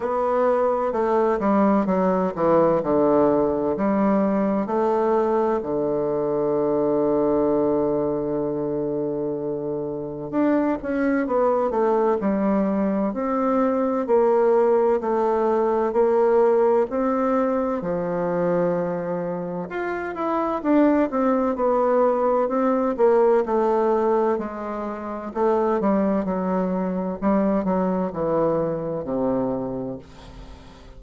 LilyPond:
\new Staff \with { instrumentName = "bassoon" } { \time 4/4 \tempo 4 = 64 b4 a8 g8 fis8 e8 d4 | g4 a4 d2~ | d2. d'8 cis'8 | b8 a8 g4 c'4 ais4 |
a4 ais4 c'4 f4~ | f4 f'8 e'8 d'8 c'8 b4 | c'8 ais8 a4 gis4 a8 g8 | fis4 g8 fis8 e4 c4 | }